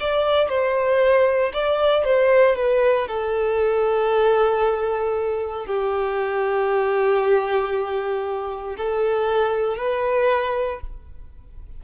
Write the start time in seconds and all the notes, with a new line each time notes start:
0.00 D5
0.49 C5
1.53 D5
2.05 C5
2.56 B4
3.08 A4
5.66 G4
8.77 A4
9.77 B4